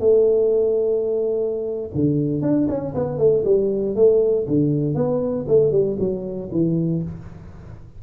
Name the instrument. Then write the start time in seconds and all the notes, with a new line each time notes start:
tuba
0.00 A3
1.95 D3
2.42 D4
2.68 C#4
2.95 B3
3.18 A3
3.45 G3
3.95 A3
4.47 D3
4.95 B3
5.48 A3
5.71 G3
5.99 F#3
6.52 E3